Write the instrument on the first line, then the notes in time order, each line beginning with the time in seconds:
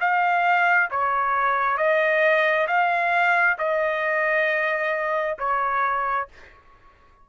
trumpet
0.00 F5
0.90 C#5
1.77 D#5
2.67 F5
3.58 D#5
5.38 C#5